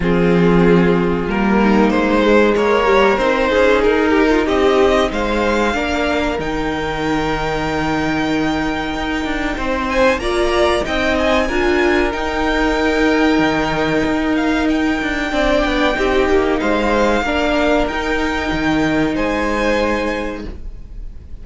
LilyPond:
<<
  \new Staff \with { instrumentName = "violin" } { \time 4/4 \tempo 4 = 94 gis'2 ais'4 c''4 | cis''4 c''4 ais'4 dis''4 | f''2 g''2~ | g''2.~ g''8 gis''8 |
ais''4 g''8 gis''4. g''4~ | g''2~ g''8 f''8 g''4~ | g''2 f''2 | g''2 gis''2 | }
  \new Staff \with { instrumentName = "violin" } { \time 4/4 f'2~ f'8 dis'4. | ais'4. gis'4 g'16 f'16 g'4 | c''4 ais'2.~ | ais'2. c''4 |
d''4 dis''4 ais'2~ | ais'1 | d''4 g'4 c''4 ais'4~ | ais'2 c''2 | }
  \new Staff \with { instrumentName = "viola" } { \time 4/4 c'2 ais4. gis8~ | gis8 g8 dis'2.~ | dis'4 d'4 dis'2~ | dis'1 |
f'4 dis'4 f'4 dis'4~ | dis'1 | d'4 dis'2 d'4 | dis'1 | }
  \new Staff \with { instrumentName = "cello" } { \time 4/4 f2 g4 gis4 | ais4 c'8 cis'8 dis'4 c'4 | gis4 ais4 dis2~ | dis2 dis'8 d'8 c'4 |
ais4 c'4 d'4 dis'4~ | dis'4 dis4 dis'4. d'8 | c'8 b8 c'8 ais8 gis4 ais4 | dis'4 dis4 gis2 | }
>>